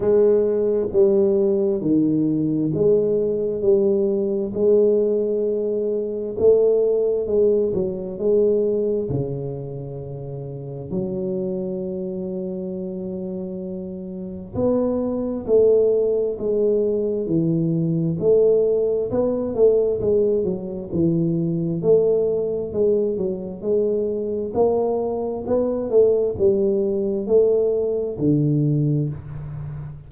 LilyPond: \new Staff \with { instrumentName = "tuba" } { \time 4/4 \tempo 4 = 66 gis4 g4 dis4 gis4 | g4 gis2 a4 | gis8 fis8 gis4 cis2 | fis1 |
b4 a4 gis4 e4 | a4 b8 a8 gis8 fis8 e4 | a4 gis8 fis8 gis4 ais4 | b8 a8 g4 a4 d4 | }